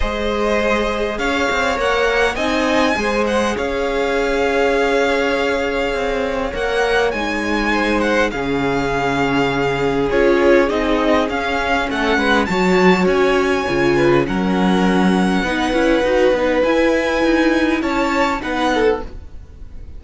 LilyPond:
<<
  \new Staff \with { instrumentName = "violin" } { \time 4/4 \tempo 4 = 101 dis''2 f''4 fis''4 | gis''4. fis''8 f''2~ | f''2. fis''4 | gis''4. fis''8 f''2~ |
f''4 cis''4 dis''4 f''4 | fis''4 a''4 gis''2 | fis''1 | gis''2 a''4 fis''4 | }
  \new Staff \with { instrumentName = "violin" } { \time 4/4 c''2 cis''2 | dis''4 c''4 cis''2~ | cis''1~ | cis''4 c''4 gis'2~ |
gis'1 | a'8 b'8 cis''2~ cis''8 b'8 | ais'2 b'2~ | b'2 cis''4 b'8 a'8 | }
  \new Staff \with { instrumentName = "viola" } { \time 4/4 gis'2. ais'4 | dis'4 gis'2.~ | gis'2. ais'4 | dis'2 cis'2~ |
cis'4 f'4 dis'4 cis'4~ | cis'4 fis'2 f'4 | cis'2 dis'8 e'8 fis'8 dis'8 | e'2. dis'4 | }
  \new Staff \with { instrumentName = "cello" } { \time 4/4 gis2 cis'8 c'8 ais4 | c'4 gis4 cis'2~ | cis'2 c'4 ais4 | gis2 cis2~ |
cis4 cis'4 c'4 cis'4 | a8 gis8 fis4 cis'4 cis4 | fis2 b8 cis'8 dis'8 b8 | e'4 dis'4 cis'4 b4 | }
>>